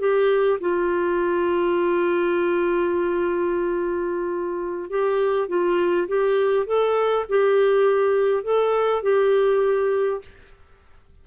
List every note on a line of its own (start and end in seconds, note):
0.00 0.59 G4
0.61 4.90 F4
4.90 5.48 G4
5.48 6.08 F4
6.08 6.66 G4
6.66 7.26 A4
7.29 8.44 G4
8.44 9.03 A4
9.03 10.22 G4